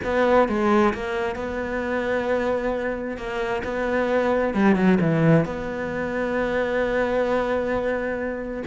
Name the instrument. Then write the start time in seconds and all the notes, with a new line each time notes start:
cello
0.04 B3
0.48 G#3
0.94 A#3
1.35 B3
3.17 A#3
3.63 B3
4.53 G3
4.75 F#3
5.00 E3
5.45 B3